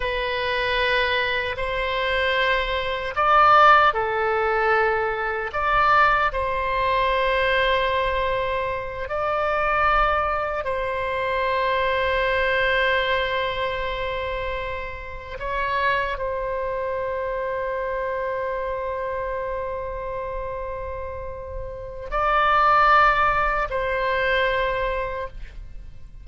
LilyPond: \new Staff \with { instrumentName = "oboe" } { \time 4/4 \tempo 4 = 76 b'2 c''2 | d''4 a'2 d''4 | c''2.~ c''8 d''8~ | d''4. c''2~ c''8~ |
c''2.~ c''8 cis''8~ | cis''8 c''2.~ c''8~ | c''1 | d''2 c''2 | }